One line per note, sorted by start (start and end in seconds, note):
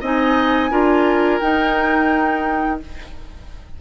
0.00 0.70 C4
0.00 0.70 D#4
0.00 0.70 D#5
0.00 1.40 G#5
0.70 1.40 D4
0.70 1.40 F4
0.70 2.80 A#4
1.40 2.80 D#4
1.40 2.80 G5